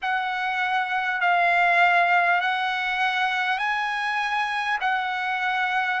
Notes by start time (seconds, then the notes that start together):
0.02 F#5
1.20 F5
2.41 F#5
3.58 G#5
4.81 F#5